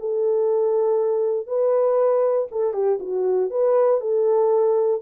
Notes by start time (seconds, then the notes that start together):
0.00 A4
1.47 B4
2.51 A4
2.73 G4
3.00 F#4
3.50 B4
4.01 A4